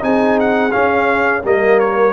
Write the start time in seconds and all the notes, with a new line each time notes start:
0.00 C4 D#4 G#4 G#5
0.40 F#5
0.72 C#4 F5
1.44 G3 A#3 A#4 D#5
1.80 C#5